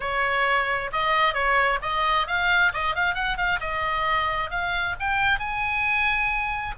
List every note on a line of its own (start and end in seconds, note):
0.00 0.90 C#5
0.92 1.34 D#5
1.34 1.79 C#5
1.82 2.27 D#5
2.27 2.72 F5
2.73 2.95 D#5
2.95 3.14 F5
3.14 3.37 F#5
3.37 3.59 F5
3.60 4.50 D#5
4.50 4.95 F5
4.99 5.39 G5
5.39 6.74 G#5